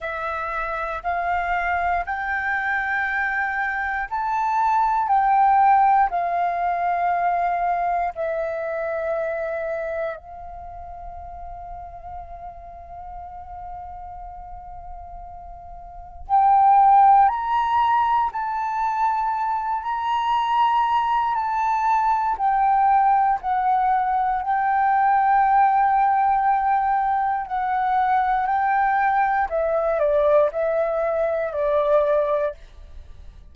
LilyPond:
\new Staff \with { instrumentName = "flute" } { \time 4/4 \tempo 4 = 59 e''4 f''4 g''2 | a''4 g''4 f''2 | e''2 f''2~ | f''1 |
g''4 ais''4 a''4. ais''8~ | ais''4 a''4 g''4 fis''4 | g''2. fis''4 | g''4 e''8 d''8 e''4 d''4 | }